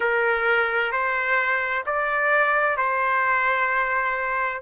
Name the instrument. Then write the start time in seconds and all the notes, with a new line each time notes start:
trumpet
0.00 A#4
0.92 C5
1.85 D5
2.77 C5